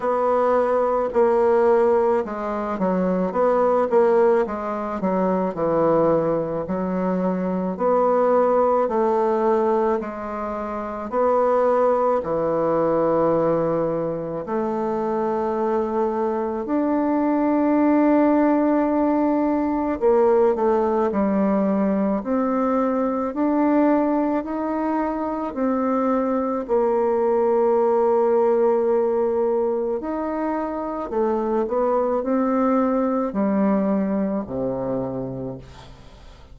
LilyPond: \new Staff \with { instrumentName = "bassoon" } { \time 4/4 \tempo 4 = 54 b4 ais4 gis8 fis8 b8 ais8 | gis8 fis8 e4 fis4 b4 | a4 gis4 b4 e4~ | e4 a2 d'4~ |
d'2 ais8 a8 g4 | c'4 d'4 dis'4 c'4 | ais2. dis'4 | a8 b8 c'4 g4 c4 | }